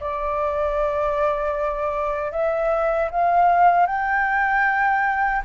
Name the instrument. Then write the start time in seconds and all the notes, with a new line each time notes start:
flute
0.00 D5
2.31 E5
3.11 F5
3.86 G5